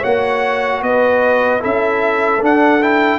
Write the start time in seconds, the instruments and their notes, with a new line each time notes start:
0.00 tuba A#3, trombone F#4, horn C#5, trumpet F#5
0.82 tuba B3, horn B4, trumpet D#5
1.60 tuba C#4, trombone E4, horn A4, trumpet E5
2.41 trombone D4, tuba D4, trumpet F#5
2.81 trombone E4, trumpet G5